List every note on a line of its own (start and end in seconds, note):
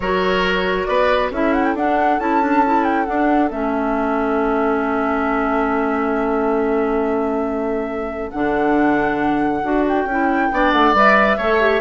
0.00 0.87 F#3
0.00 1.33 F#4
0.00 0.88 A#4
0.00 0.85 C#5
0.85 1.31 B3
0.85 1.32 B4
0.85 1.28 D5
1.31 1.74 C#4
1.31 1.77 E4
1.31 10.51 A4
1.31 1.53 E5
1.53 1.63 F#5
1.63 1.74 G5
1.74 2.18 D4
1.74 2.20 D4
1.74 2.19 F#5
2.18 3.06 C#4
2.18 2.42 E4
2.18 2.84 A5
2.42 2.64 D4
2.65 3.06 E4
2.84 3.05 G5
3.05 3.49 D4
3.05 3.50 D4
3.05 3.49 F#5
3.49 8.32 A3
3.49 8.31 C#4
3.49 8.30 E5
8.30 9.63 D3
8.30 9.63 D4
8.30 9.84 F#5
9.63 10.04 D4
9.63 10.07 F#4
9.87 10.71 G5
10.04 10.48 C#4
10.04 10.52 E4
10.51 10.72 B3
10.51 10.95 D4
10.51 11.37 D5
10.71 10.93 A3
10.71 10.93 F#5
10.93 11.37 G3
10.93 11.39 B4
10.93 11.81 E5
11.37 11.81 A3
11.37 11.60 A4
11.37 11.81 C#5
11.60 11.81 G4